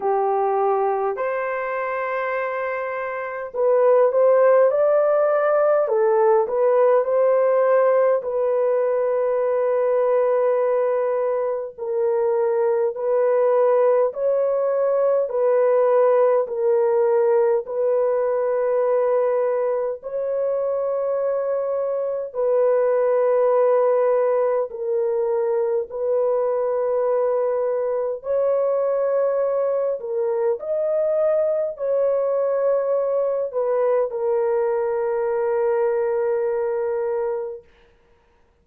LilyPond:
\new Staff \with { instrumentName = "horn" } { \time 4/4 \tempo 4 = 51 g'4 c''2 b'8 c''8 | d''4 a'8 b'8 c''4 b'4~ | b'2 ais'4 b'4 | cis''4 b'4 ais'4 b'4~ |
b'4 cis''2 b'4~ | b'4 ais'4 b'2 | cis''4. ais'8 dis''4 cis''4~ | cis''8 b'8 ais'2. | }